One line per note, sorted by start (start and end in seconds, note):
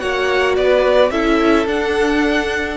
0.00 0.58 A#3
0.00 1.12 F#4
0.00 0.57 C#5
0.00 0.56 F#5
0.56 1.11 B3
0.56 1.12 B4
0.56 1.11 D5
1.11 1.67 C#4
1.11 1.68 E4
1.11 2.78 A4
1.11 1.67 E5
1.67 2.78 D4
1.67 2.78 F#5